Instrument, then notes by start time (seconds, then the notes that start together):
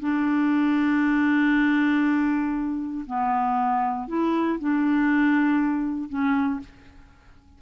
clarinet
0.00 D4
3.06 B3
4.08 E4
4.59 D4
6.09 C#4